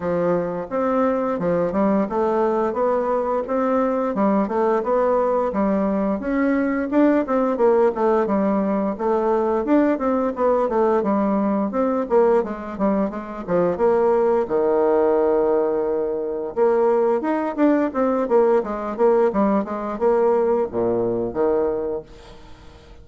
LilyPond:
\new Staff \with { instrumentName = "bassoon" } { \time 4/4 \tempo 4 = 87 f4 c'4 f8 g8 a4 | b4 c'4 g8 a8 b4 | g4 cis'4 d'8 c'8 ais8 a8 | g4 a4 d'8 c'8 b8 a8 |
g4 c'8 ais8 gis8 g8 gis8 f8 | ais4 dis2. | ais4 dis'8 d'8 c'8 ais8 gis8 ais8 | g8 gis8 ais4 ais,4 dis4 | }